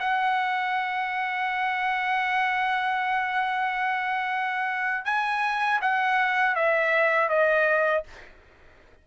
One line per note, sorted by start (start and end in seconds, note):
0.00 5.05 F#5
5.05 5.80 G#5
5.82 6.56 F#5
6.56 7.29 E5
7.29 8.04 D#5